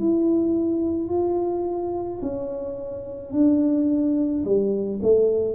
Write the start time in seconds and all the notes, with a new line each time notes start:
0.00 E4
1.09 F4
2.22 C#4
3.33 D4
4.44 G3
5.03 A3